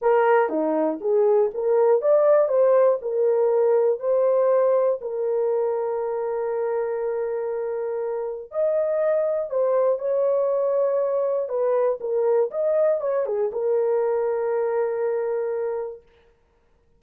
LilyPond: \new Staff \with { instrumentName = "horn" } { \time 4/4 \tempo 4 = 120 ais'4 dis'4 gis'4 ais'4 | d''4 c''4 ais'2 | c''2 ais'2~ | ais'1~ |
ais'4 dis''2 c''4 | cis''2. b'4 | ais'4 dis''4 cis''8 gis'8 ais'4~ | ais'1 | }